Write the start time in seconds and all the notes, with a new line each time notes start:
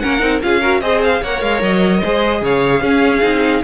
0.00 A#3 C#4 A#4 F#5
0.20 C4 D#4
0.42 C#4 F4 G#4 F5
0.61 F#4 A#4
0.81 C4 G#4 C5 D#5
1.04 F5
1.22 A#3 A#4 C#5 F#5
1.42 G#3 F5
1.62 F#3 D#5
2.01 G#3 G#4 C5
2.42 C#3 C#5 F5
2.81 C#4 G#4
3.22 C4 D#4